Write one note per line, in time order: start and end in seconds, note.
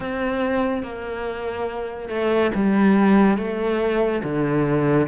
0.00 0.82 C4
0.82 2.09 A#3
2.09 2.51 A3
2.54 3.37 G3
3.37 4.22 A3
4.23 5.07 D3